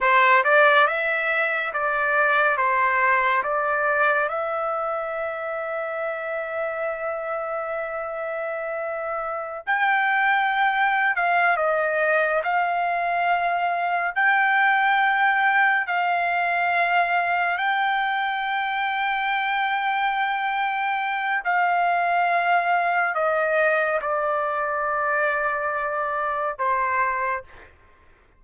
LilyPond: \new Staff \with { instrumentName = "trumpet" } { \time 4/4 \tempo 4 = 70 c''8 d''8 e''4 d''4 c''4 | d''4 e''2.~ | e''2.~ e''16 g''8.~ | g''4 f''8 dis''4 f''4.~ |
f''8 g''2 f''4.~ | f''8 g''2.~ g''8~ | g''4 f''2 dis''4 | d''2. c''4 | }